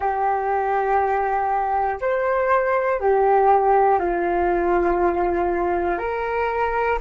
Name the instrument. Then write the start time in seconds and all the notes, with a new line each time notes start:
flute
0.00 G4
2.00 C5
3.00 G4
3.99 F4
5.98 A#4